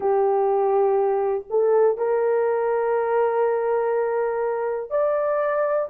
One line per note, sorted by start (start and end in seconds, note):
0.00 1.45 G4
1.50 1.97 A4
1.97 4.90 A#4
4.90 5.88 D5